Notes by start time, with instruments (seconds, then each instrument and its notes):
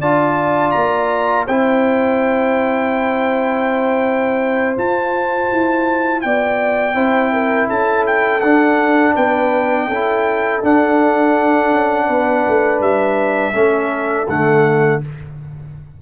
0.00 tuba D4, trombone F4, horn D5, trumpet A5
0.72 tuba A#3, trumpet A#5
1.46 tuba C4, trombone E4, horn C5, trumpet G5
4.77 trombone F4, tuba F4, trumpet A5
5.52 tuba E4
6.21 tuba B3, horn D5, trumpet G5
6.95 tuba C4, trombone E4, horn C5
7.33 horn A#4
7.68 tuba C#4, horn A4, trumpet A5
8.07 trumpet G5
8.41 tuba D4, trombone D4, trumpet F#5
9.15 tuba B3, horn B4, trumpet G5
9.88 tuba C#4, trombone E4, horn A4
10.62 trombone D4, tuba D4, trumpet F#5
11.72 tuba C#4
12.06 tuba B3, horn B4
12.47 tuba A3
12.80 tuba G3, trumpet E5
13.54 tuba A3, trombone C#4, horn A4
14.28 tuba D3, trombone A3, trumpet F#5